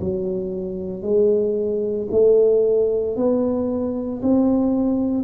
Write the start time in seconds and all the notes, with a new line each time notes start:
0.00 F#3
1.02 G#3
2.11 A3
3.16 B3
4.22 C4